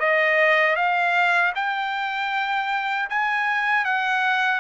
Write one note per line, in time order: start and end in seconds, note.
0.00 0.77 D#5
0.77 1.53 F5
1.56 3.10 G5
3.10 3.85 G#5
3.85 4.61 F#5